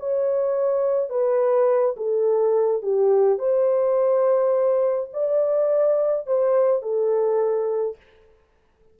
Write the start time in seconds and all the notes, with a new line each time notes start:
0.00 C#5
1.10 B4
1.97 A4
2.83 G4
3.39 C5
5.14 D5
6.27 C5
6.83 A4